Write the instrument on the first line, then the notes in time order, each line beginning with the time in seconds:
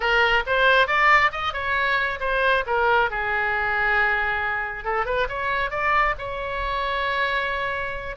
oboe
0.00 A#4
0.46 C5
0.87 D5
1.31 D#5
1.53 C#5
2.20 C5
2.66 A#4
3.10 G#4
4.84 A4
5.05 B4
5.28 C#5
5.70 D5
6.18 C#5